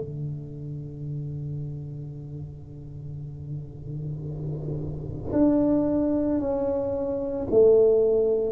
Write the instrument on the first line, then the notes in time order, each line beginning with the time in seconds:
tuba
0.00 D3
5.33 D4
6.40 C#4
7.50 A3